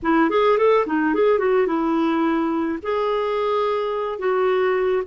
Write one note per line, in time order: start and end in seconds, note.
0.02 0.30 E4
0.30 0.58 G#4
0.58 0.86 A4
0.86 1.14 D#4
1.14 1.38 G#4
1.38 1.66 F#4
1.66 2.78 E4
2.82 4.18 G#4
4.18 5.02 F#4